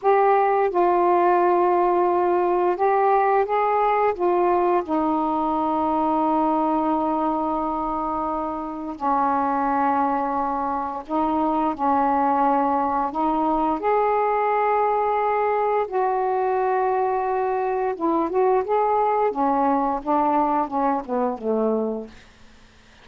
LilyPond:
\new Staff \with { instrumentName = "saxophone" } { \time 4/4 \tempo 4 = 87 g'4 f'2. | g'4 gis'4 f'4 dis'4~ | dis'1~ | dis'4 cis'2. |
dis'4 cis'2 dis'4 | gis'2. fis'4~ | fis'2 e'8 fis'8 gis'4 | cis'4 d'4 cis'8 b8 a4 | }